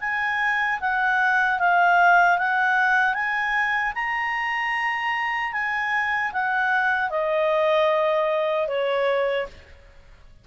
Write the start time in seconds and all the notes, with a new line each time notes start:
0.00 G#5
0.80 F#5
1.59 F5
2.38 F#5
3.13 G#5
3.94 A#5
5.52 G#5
6.32 F#5
7.09 D#5
8.67 C#5